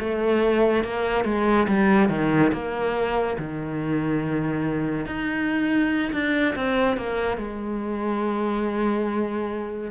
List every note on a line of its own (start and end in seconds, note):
0.00 0.85 A3
0.85 1.25 A#3
1.25 1.67 G#3
1.68 2.10 G3
2.10 2.52 D#3
2.53 3.38 A#3
3.38 5.07 D#3
5.07 6.12 D#4
6.13 6.55 D4
6.56 6.98 C4
6.98 7.38 A#3
7.38 9.91 G#3